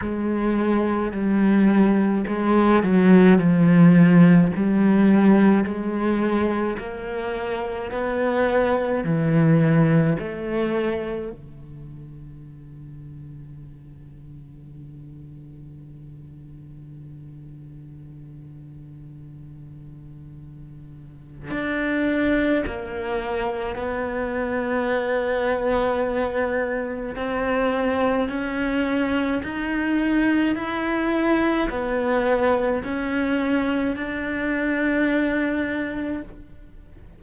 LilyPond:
\new Staff \with { instrumentName = "cello" } { \time 4/4 \tempo 4 = 53 gis4 g4 gis8 fis8 f4 | g4 gis4 ais4 b4 | e4 a4 d2~ | d1~ |
d2. d'4 | ais4 b2. | c'4 cis'4 dis'4 e'4 | b4 cis'4 d'2 | }